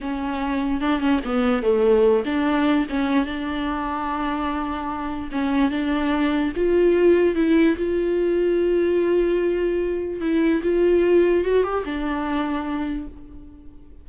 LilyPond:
\new Staff \with { instrumentName = "viola" } { \time 4/4 \tempo 4 = 147 cis'2 d'8 cis'8 b4 | a4. d'4. cis'4 | d'1~ | d'4 cis'4 d'2 |
f'2 e'4 f'4~ | f'1~ | f'4 e'4 f'2 | fis'8 g'8 d'2. | }